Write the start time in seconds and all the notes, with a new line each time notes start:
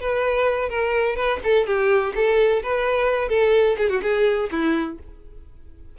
0.00 B4
0.69 A#4
1.16 B4
1.43 A4
1.66 G4
2.15 A4
2.62 B4
3.29 A4
3.77 G#4
3.89 F#4
4.02 G#4
4.51 E4